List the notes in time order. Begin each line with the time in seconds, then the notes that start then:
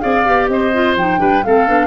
0.00 C4 G#4 D5 F5
0.25 B3 G4
0.48 C4 C5 D#5
0.73 F4
0.95 F3 D#4 G5
1.18 G3 D4 B4
1.44 A3 C4 A4 F5
1.67 B3 D4